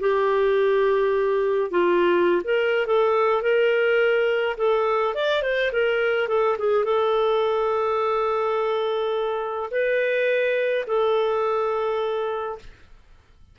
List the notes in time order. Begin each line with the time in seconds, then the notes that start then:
0.00 G4
1.71 F4
2.44 A#4
2.87 A4
3.42 A#4
4.57 A4
5.14 D5
5.43 C5
5.73 A#4
6.28 A4
6.59 G#4
6.84 A4
9.71 B4
10.87 A4